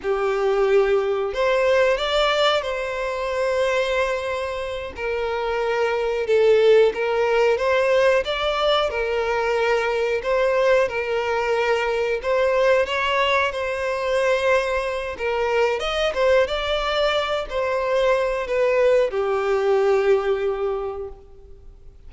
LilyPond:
\new Staff \with { instrumentName = "violin" } { \time 4/4 \tempo 4 = 91 g'2 c''4 d''4 | c''2.~ c''8 ais'8~ | ais'4. a'4 ais'4 c''8~ | c''8 d''4 ais'2 c''8~ |
c''8 ais'2 c''4 cis''8~ | cis''8 c''2~ c''8 ais'4 | dis''8 c''8 d''4. c''4. | b'4 g'2. | }